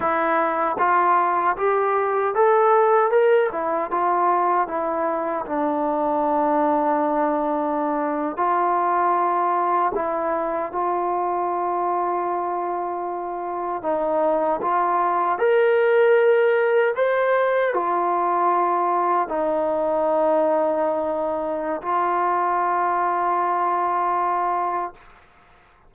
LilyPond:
\new Staff \with { instrumentName = "trombone" } { \time 4/4 \tempo 4 = 77 e'4 f'4 g'4 a'4 | ais'8 e'8 f'4 e'4 d'4~ | d'2~ d'8. f'4~ f'16~ | f'8. e'4 f'2~ f'16~ |
f'4.~ f'16 dis'4 f'4 ais'16~ | ais'4.~ ais'16 c''4 f'4~ f'16~ | f'8. dis'2.~ dis'16 | f'1 | }